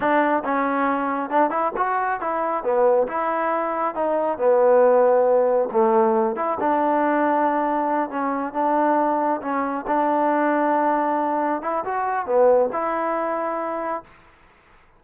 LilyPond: \new Staff \with { instrumentName = "trombone" } { \time 4/4 \tempo 4 = 137 d'4 cis'2 d'8 e'8 | fis'4 e'4 b4 e'4~ | e'4 dis'4 b2~ | b4 a4. e'8 d'4~ |
d'2~ d'8 cis'4 d'8~ | d'4. cis'4 d'4.~ | d'2~ d'8 e'8 fis'4 | b4 e'2. | }